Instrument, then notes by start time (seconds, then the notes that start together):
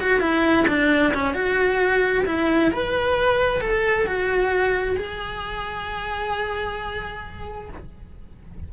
cello
0.00 F#4
0.20 E4
0.68 D4
1.14 C#4
1.34 F#4
2.26 E4
2.72 B4
3.61 A4
4.07 F#4
4.96 G#4